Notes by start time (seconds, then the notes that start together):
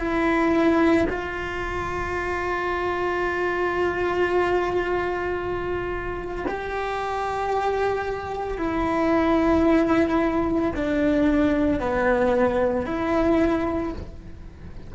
0.00 E4
1.10 F4
6.48 G4
8.58 E4
10.76 D4
11.80 B3
12.86 E4